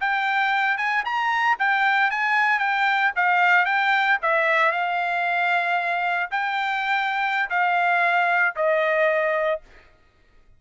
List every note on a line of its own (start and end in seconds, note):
0.00 0.78 G5
0.78 1.04 G#5
1.05 1.57 A#5
1.59 2.11 G5
2.11 2.59 G#5
2.59 3.12 G5
3.16 3.65 F5
3.65 4.18 G5
4.22 4.72 E5
4.72 6.30 F5
6.31 7.50 G5
7.50 8.55 F5
8.56 9.61 D#5